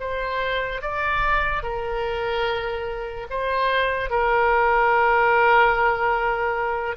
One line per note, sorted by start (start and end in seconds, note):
0.00 0.81 C5
0.81 1.63 D5
1.63 3.27 A#4
3.30 4.10 C5
4.10 6.96 A#4